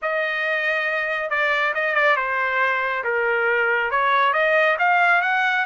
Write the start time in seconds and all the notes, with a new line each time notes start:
0.01 D#5
1.29 D5
1.74 D#5
1.94 D5
2.16 C5
3.03 A#4
3.91 C#5
4.33 D#5
4.78 F5
5.21 F#5